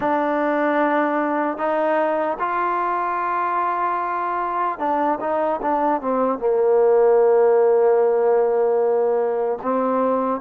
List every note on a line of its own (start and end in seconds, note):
0.00 1.57 D4
1.57 2.37 D#4
2.39 4.79 F4
4.79 5.19 D4
5.20 5.60 D#4
5.62 6.01 D4
6.01 6.38 C4
6.38 9.58 A#3
9.62 10.40 C4